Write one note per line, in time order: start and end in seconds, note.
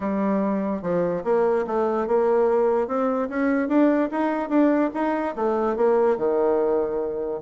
0.00 0.82 G3
0.82 1.23 F3
1.24 1.65 A#3
1.66 2.07 A3
2.07 2.87 A#3
2.87 3.28 C4
3.29 3.68 C#4
3.68 4.09 D4
4.11 4.49 D#4
4.49 4.90 D4
4.94 5.35 D#4
5.35 5.76 A3
5.76 6.17 A#3
6.17 7.40 D#3